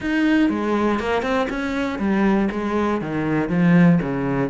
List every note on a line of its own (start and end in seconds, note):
0.00 0.49 D#4
0.49 0.99 G#3
0.99 1.22 A#3
1.22 1.47 C4
1.49 1.99 C#4
1.99 2.49 G3
2.51 3.01 G#3
3.01 3.49 D#3
3.49 3.99 F3
4.01 4.50 C#3